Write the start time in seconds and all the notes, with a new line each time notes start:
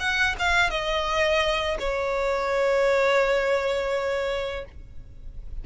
0.00 F#5
0.39 F5
0.70 D#5
1.80 C#5